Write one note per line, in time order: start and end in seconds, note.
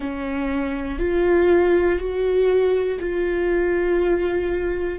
0.00 0.98 C#4
0.98 1.98 F4
1.98 2.98 F#4
3.00 4.99 F4